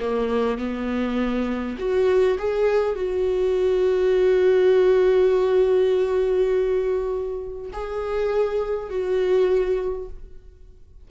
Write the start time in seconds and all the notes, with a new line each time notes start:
0.00 A#3
0.58 B3
1.79 F#4
2.39 G#4
2.96 F#4
7.73 G#4
8.90 F#4